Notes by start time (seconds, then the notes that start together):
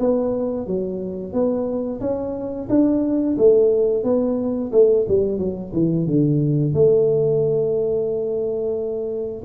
0.00 B3
0.67 F#3
1.33 B3
2.01 C#4
2.69 D4
3.38 A3
4.04 B3
4.73 A3
5.08 G3
5.39 F#3
5.74 E3
6.07 D3
6.74 A3